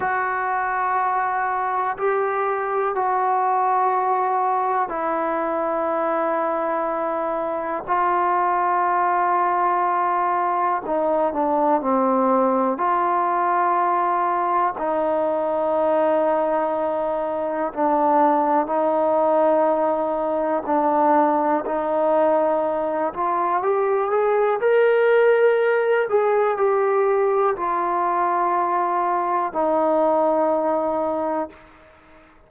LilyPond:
\new Staff \with { instrumentName = "trombone" } { \time 4/4 \tempo 4 = 61 fis'2 g'4 fis'4~ | fis'4 e'2. | f'2. dis'8 d'8 | c'4 f'2 dis'4~ |
dis'2 d'4 dis'4~ | dis'4 d'4 dis'4. f'8 | g'8 gis'8 ais'4. gis'8 g'4 | f'2 dis'2 | }